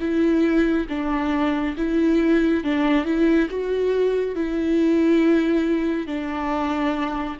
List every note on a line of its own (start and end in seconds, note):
0.00 0.87 E4
0.89 1.76 D4
1.77 2.64 E4
2.64 3.05 D4
3.05 3.49 E4
3.50 4.36 F#4
4.36 6.07 E4
6.07 7.38 D4